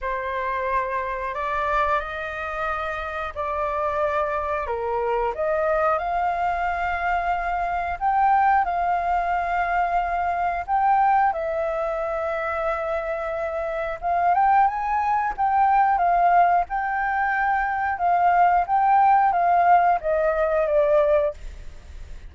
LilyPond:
\new Staff \with { instrumentName = "flute" } { \time 4/4 \tempo 4 = 90 c''2 d''4 dis''4~ | dis''4 d''2 ais'4 | dis''4 f''2. | g''4 f''2. |
g''4 e''2.~ | e''4 f''8 g''8 gis''4 g''4 | f''4 g''2 f''4 | g''4 f''4 dis''4 d''4 | }